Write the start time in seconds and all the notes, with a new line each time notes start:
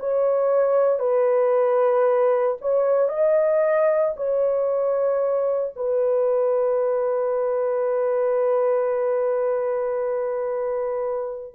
0.00 C#5
1.00 B4
2.62 C#5
3.10 D#5
4.17 C#5
5.77 B4